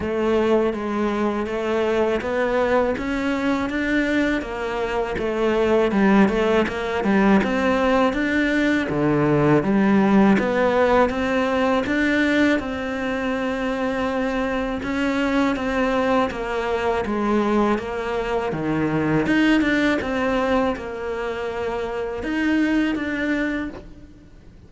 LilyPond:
\new Staff \with { instrumentName = "cello" } { \time 4/4 \tempo 4 = 81 a4 gis4 a4 b4 | cis'4 d'4 ais4 a4 | g8 a8 ais8 g8 c'4 d'4 | d4 g4 b4 c'4 |
d'4 c'2. | cis'4 c'4 ais4 gis4 | ais4 dis4 dis'8 d'8 c'4 | ais2 dis'4 d'4 | }